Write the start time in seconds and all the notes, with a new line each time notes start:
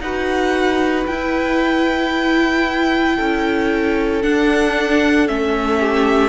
0.00 D#4 F#4 B4 F#5
1.06 E4 G5
3.16 C#4 A4
4.22 D4 F#5
5.27 A3 C#4 E5
5.79 G4